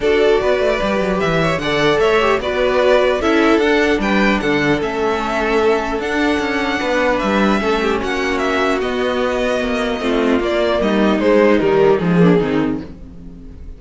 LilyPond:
<<
  \new Staff \with { instrumentName = "violin" } { \time 4/4 \tempo 4 = 150 d''2. e''4 | fis''4 e''4 d''2 | e''4 fis''4 g''4 fis''4 | e''2. fis''4~ |
fis''2 e''2 | fis''4 e''4 dis''2~ | dis''2 d''4 dis''4 | c''4 ais'4 gis'2 | }
  \new Staff \with { instrumentName = "violin" } { \time 4/4 a'4 b'2~ b'8 cis''8 | d''4 cis''4 b'2 | a'2 b'4 a'4~ | a'1~ |
a'4 b'2 a'8 g'8 | fis'1~ | fis'4 f'2 dis'4~ | dis'2~ dis'8 d'8 dis'4 | }
  \new Staff \with { instrumentName = "viola" } { \time 4/4 fis'2 g'2 | a'4. g'8 fis'2 | e'4 d'2. | cis'2. d'4~ |
d'2. cis'4~ | cis'2 b2~ | b4 c'4 ais2 | gis4 g4 gis8 ais8 c'4 | }
  \new Staff \with { instrumentName = "cello" } { \time 4/4 d'4 b8 a8 g8 fis8 e4 | d4 a4 b2 | cis'4 d'4 g4 d4 | a2. d'4 |
cis'4 b4 g4 a4 | ais2 b2 | ais4 a4 ais4 g4 | gis4 dis4 f4 dis4 | }
>>